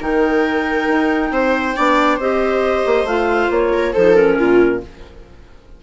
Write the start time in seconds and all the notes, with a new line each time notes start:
0.00 D#3 D#4 A#4 G5
0.87 D#4
1.31 C4 C5
1.75 B3 D4 D5
2.17 C4 G4 C5 D#5
2.86 A#3
3.04 A3 F4 F5
3.50 A#3 C#5
3.73 A#4
3.93 F3 D#4 A4 C5
4.15 C#4 A#4
4.39 A#2 F4